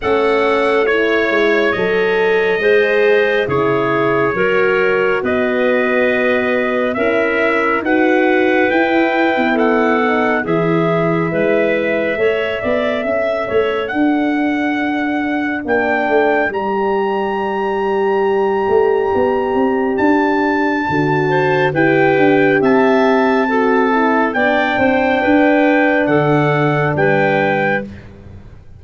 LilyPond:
<<
  \new Staff \with { instrumentName = "trumpet" } { \time 4/4 \tempo 4 = 69 fis''4 cis''4 dis''2 | cis''2 dis''2 | e''4 fis''4 g''4 fis''4 | e''1 |
fis''2 g''4 ais''4~ | ais''2. a''4~ | a''4 g''4 a''2 | g''2 fis''4 g''4 | }
  \new Staff \with { instrumentName = "clarinet" } { \time 4/4 a'4 cis''2 c''4 | gis'4 ais'4 b'2 | ais'4 b'2 a'4 | gis'4 b'4 cis''8 d''8 e''8 cis''8 |
d''1~ | d''1~ | d''8 c''8 b'4 e''4 a'4 | d''8 c''8 b'4 a'4 b'4 | }
  \new Staff \with { instrumentName = "horn" } { \time 4/4 cis'4 e'4 a'4 gis'4 | e'4 fis'2. | e'4 fis'4 e'4. dis'8 | e'2 a'2~ |
a'2 d'4 g'4~ | g'1 | fis'4 g'2 fis'8 e'8 | d'1 | }
  \new Staff \with { instrumentName = "tuba" } { \time 4/4 a4. gis8 fis4 gis4 | cis4 fis4 b2 | cis'4 dis'4 e'8. b4~ b16 | e4 gis4 a8 b8 cis'8 a8 |
d'2 ais8 a8 g4~ | g4. a8 b8 c'8 d'4 | d4 e'8 d'8 c'2 | b8 c'8 d'4 d4 g4 | }
>>